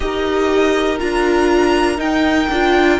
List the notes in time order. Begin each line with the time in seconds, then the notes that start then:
0.00 D#4 G4 A#4 D#5
0.98 D4 F4 A#5
1.97 D#4 G5
2.49 D4 F4